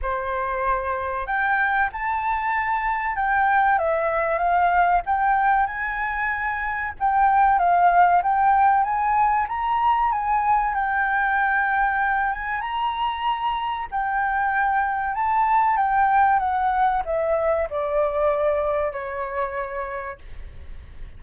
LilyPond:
\new Staff \with { instrumentName = "flute" } { \time 4/4 \tempo 4 = 95 c''2 g''4 a''4~ | a''4 g''4 e''4 f''4 | g''4 gis''2 g''4 | f''4 g''4 gis''4 ais''4 |
gis''4 g''2~ g''8 gis''8 | ais''2 g''2 | a''4 g''4 fis''4 e''4 | d''2 cis''2 | }